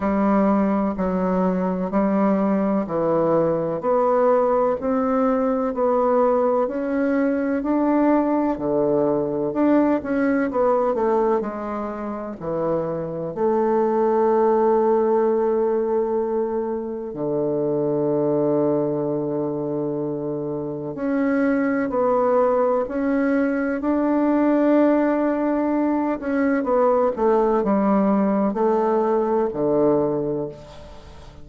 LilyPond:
\new Staff \with { instrumentName = "bassoon" } { \time 4/4 \tempo 4 = 63 g4 fis4 g4 e4 | b4 c'4 b4 cis'4 | d'4 d4 d'8 cis'8 b8 a8 | gis4 e4 a2~ |
a2 d2~ | d2 cis'4 b4 | cis'4 d'2~ d'8 cis'8 | b8 a8 g4 a4 d4 | }